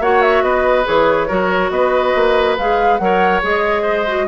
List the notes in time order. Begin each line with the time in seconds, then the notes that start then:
0.00 A#3 F#4 C#5 F#5
0.22 E5
0.43 B3 B4 D#5
0.85 E3 G#4 C#5
1.28 F#3 F#4 A#4
1.71 B3 B4 D#5
2.16 A#3
2.58 G#3 G#4 F5
2.98 F#3 A#4 F#5
3.05 C#5
3.43 G#3 G#4 D#5
3.83 C5
4.08 F#4